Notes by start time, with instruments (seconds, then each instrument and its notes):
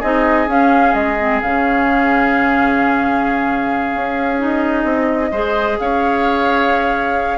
0.00 bassoon C4, clarinet D#4, oboe G#4, flute D#5
0.48 bassoon C#4, clarinet C#4, flute F5
0.94 bassoon G#3, flute D#5
1.20 clarinet C4
1.42 bassoon C#3, clarinet C#4, flute F5
3.94 bassoon C#4
4.39 clarinet D#4, flute D#5
4.85 bassoon C4
5.32 bassoon G#3, clarinet G#4, oboe C5
5.80 bassoon C#4, oboe C#5, flute F5